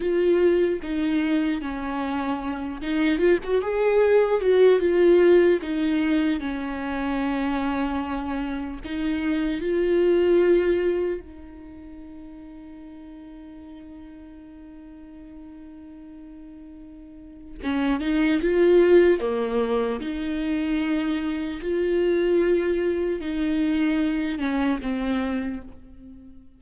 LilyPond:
\new Staff \with { instrumentName = "viola" } { \time 4/4 \tempo 4 = 75 f'4 dis'4 cis'4. dis'8 | f'16 fis'16 gis'4 fis'8 f'4 dis'4 | cis'2. dis'4 | f'2 dis'2~ |
dis'1~ | dis'2 cis'8 dis'8 f'4 | ais4 dis'2 f'4~ | f'4 dis'4. cis'8 c'4 | }